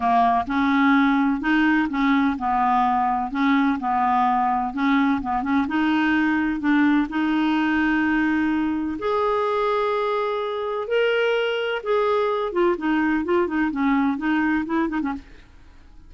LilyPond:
\new Staff \with { instrumentName = "clarinet" } { \time 4/4 \tempo 4 = 127 ais4 cis'2 dis'4 | cis'4 b2 cis'4 | b2 cis'4 b8 cis'8 | dis'2 d'4 dis'4~ |
dis'2. gis'4~ | gis'2. ais'4~ | ais'4 gis'4. f'8 dis'4 | f'8 dis'8 cis'4 dis'4 e'8 dis'16 cis'16 | }